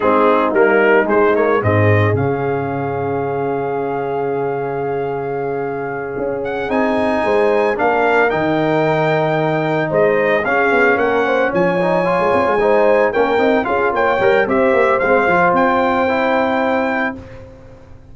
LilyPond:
<<
  \new Staff \with { instrumentName = "trumpet" } { \time 4/4 \tempo 4 = 112 gis'4 ais'4 c''8 cis''8 dis''4 | f''1~ | f''1 | fis''8 gis''2 f''4 g''8~ |
g''2~ g''8 dis''4 f''8~ | f''8 fis''4 gis''2~ gis''8~ | gis''8 g''4 f''8 g''4 e''4 | f''4 g''2. | }
  \new Staff \with { instrumentName = "horn" } { \time 4/4 dis'2. gis'4~ | gis'1~ | gis'1~ | gis'4. c''4 ais'4.~ |
ais'2~ ais'8 c''4 gis'8~ | gis'8 ais'8 c''8 cis''2 c''8~ | c''8 ais'4 gis'8 cis''4 c''4~ | c''1 | }
  \new Staff \with { instrumentName = "trombone" } { \time 4/4 c'4 ais4 gis8 ais8 c'4 | cis'1~ | cis'1~ | cis'8 dis'2 d'4 dis'8~ |
dis'2.~ dis'8 cis'8~ | cis'2 dis'8 f'4 dis'8~ | dis'8 cis'8 dis'8 f'4 ais'8 g'4 | c'8 f'4. e'2 | }
  \new Staff \with { instrumentName = "tuba" } { \time 4/4 gis4 g4 gis4 gis,4 | cis1~ | cis2.~ cis8 cis'8~ | cis'8 c'4 gis4 ais4 dis8~ |
dis2~ dis8 gis4 cis'8 | b8 ais4 f4~ f16 gis16 c'16 gis8.~ | gis8 ais8 c'8 cis'8 ais8 g8 c'8 ais8 | gis8 f8 c'2. | }
>>